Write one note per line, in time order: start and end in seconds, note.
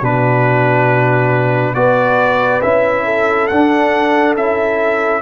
0.00 1.75 B2
0.00 1.75 D4
0.00 1.74 F#4
0.00 1.75 B4
1.75 2.62 B3
1.75 2.62 F#4
1.75 3.05 B4
1.75 2.62 D5
2.62 3.51 C#4
2.62 3.51 E4
2.62 3.48 E5
3.05 5.22 A4
3.48 4.37 D4
3.48 4.38 D4
3.48 4.35 F#5
4.37 5.22 C#4
4.37 5.22 E4
4.37 5.22 E5